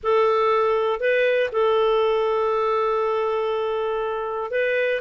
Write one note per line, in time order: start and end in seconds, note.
0.03 1.00 A4
1.00 1.50 B4
1.52 4.50 A4
4.50 5.00 B4